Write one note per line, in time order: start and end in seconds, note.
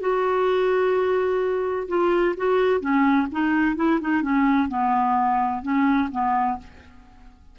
0.00 1.87 F#4
1.88 2.35 F4
2.37 2.80 F#4
2.80 3.27 C#4
3.31 3.76 D#4
3.76 4.00 E4
4.01 4.22 D#4
4.22 4.68 C#4
4.68 5.62 B3
5.62 6.09 C#4
6.11 6.58 B3